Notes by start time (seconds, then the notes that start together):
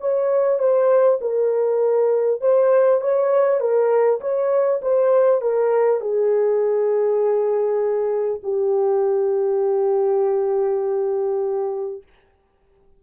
0.00 C#5
0.59 C5
1.21 A#4
2.41 C5
3.01 C#5
3.60 A#4
4.21 C#5
4.81 C5
5.41 A#4
6.01 G#4
8.43 G4